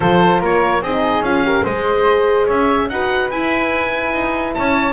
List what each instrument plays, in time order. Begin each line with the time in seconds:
0.00 double bass F3, horn F4, flute A4, oboe C5
0.40 double bass A#3, flute A#4, oboe C#5
0.81 double bass C4, horn D#4, flute G#4, oboe D#5
1.21 double bass C#4, horn F4, oboe F5
1.44 horn G4, flute A#4
1.63 double bass G#3, horn G#4, flute C5, oboe D#5
2.46 double bass C#4, flute C#5, oboe E5
2.89 double bass D#4, horn F#4, flute B4, oboe F#5
3.30 double bass E4, horn E4, oboe G#5
4.13 double bass D#4
4.54 double bass C#4, flute C#5, oboe A5